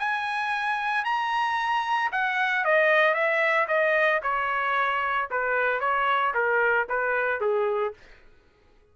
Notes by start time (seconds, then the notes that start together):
0.00 G#5
1.05 A#5
2.12 F#5
2.65 D#5
3.14 E5
3.68 D#5
4.23 C#5
5.31 B4
5.81 C#5
6.35 A#4
6.90 B4
7.41 G#4